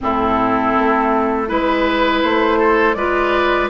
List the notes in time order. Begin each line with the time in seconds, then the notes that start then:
0.00 A2 C4 E4 A4
0.77 A3
1.47 G#3 E4 B4
2.22 A3 C5
2.58 A4
2.94 G#3 F4 B4 D5